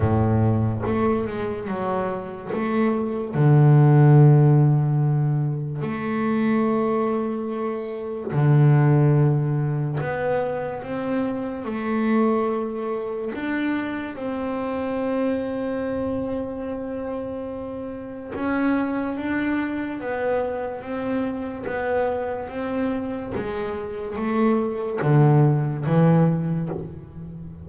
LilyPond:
\new Staff \with { instrumentName = "double bass" } { \time 4/4 \tempo 4 = 72 a,4 a8 gis8 fis4 a4 | d2. a4~ | a2 d2 | b4 c'4 a2 |
d'4 c'2.~ | c'2 cis'4 d'4 | b4 c'4 b4 c'4 | gis4 a4 d4 e4 | }